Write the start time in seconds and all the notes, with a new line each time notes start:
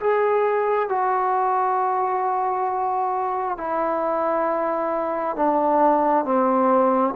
0.00 G#4
0.89 F#4
3.57 E4
5.36 D4
6.24 C4